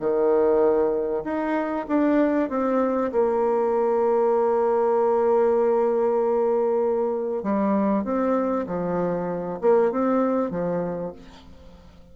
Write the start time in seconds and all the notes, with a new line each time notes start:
0.00 D#3
1.24 D#4
1.89 D4
2.50 C4
3.12 A#3
7.43 G3
8.04 C4
8.67 F3
9.62 A#3
9.92 C4
10.51 F3